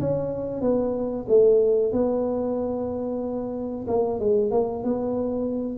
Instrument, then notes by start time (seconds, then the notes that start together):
tuba
0.00 C#4
0.61 B3
1.28 A3
1.92 B3
3.87 A#3
4.20 G#3
4.51 A#3
4.84 B3